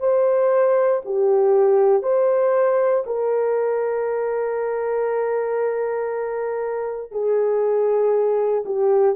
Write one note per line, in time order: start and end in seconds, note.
0.00 1.02 C5
1.05 2.02 G4
2.02 3.04 C5
3.06 7.11 A#4
7.11 8.64 G#4
8.66 9.16 G4